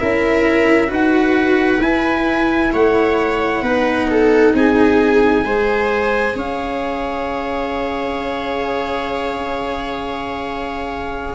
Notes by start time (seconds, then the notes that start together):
0.00 C#4 E4 A#4 E5
0.87 D#4 F#4 B4
0.94 F#5
1.81 E4 G#5
2.73 A3 C#5 F#5
3.62 B3 D#4 B4
4.10 A4
4.54 C4 G#4 G#5
5.45 G#3 G#4 C5
6.36 C#4 C#5 F5